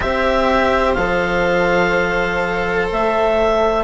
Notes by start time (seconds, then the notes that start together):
0.00 C4 G4 C5 E5
0.93 F3 A4 F5
2.91 A3 E5